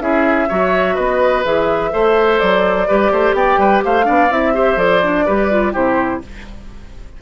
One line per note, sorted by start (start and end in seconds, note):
0.00 0.48 C#4
0.00 0.48 E4
0.00 0.48 G#4
0.00 0.95 E5
0.48 0.97 F#3
0.48 1.43 F#4
0.48 0.94 C#5
0.94 1.45 B3
0.94 1.90 B4
0.94 1.43 D#5
1.43 1.92 E3
1.43 1.91 G#4
1.43 2.39 E5
1.91 2.40 A3
1.91 2.86 A4
1.91 2.88 C5
2.39 2.89 F#3
2.39 3.34 D5
2.87 3.11 G3
2.87 4.03 G4
2.87 3.11 B4
3.11 3.33 A3
3.11 3.35 C5
3.33 3.57 B3
3.33 3.59 D5
3.33 3.82 G5
3.57 3.81 G3
3.57 3.83 B4
3.84 4.08 A3
3.84 4.05 C5
3.84 4.32 F5
4.03 4.30 B3
4.03 4.27 D4
4.03 4.53 D5
4.30 4.76 C4
4.30 4.53 E4
4.30 4.78 E5
4.53 4.77 G4
4.53 5.25 C5
4.76 5.24 F3
4.76 5.00 A4
4.76 5.73 D5
5.03 5.26 D4
5.25 5.74 G3
5.25 5.50 G4
5.25 5.72 B4
5.50 5.73 F4
5.72 6.22 C3
5.72 6.20 E4
5.72 6.20 G4
5.72 6.21 C5